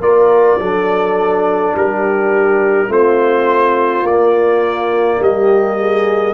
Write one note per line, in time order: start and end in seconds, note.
0.00 0.58 A#3
0.00 0.59 F4
0.00 0.60 A#4
0.00 1.75 D5
0.58 1.74 F#3
0.58 2.88 D4
0.58 1.76 A4
1.75 2.88 G3
1.75 2.89 G4
1.75 2.92 A#4
2.88 4.03 A3
2.88 4.04 C4
2.88 5.20 F4
2.88 4.06 C5
4.03 5.19 A#3
4.03 6.33 A#3
4.03 5.22 D5
5.19 6.33 G3
5.19 5.79 G4
5.19 6.33 D#5
5.79 6.33 G#4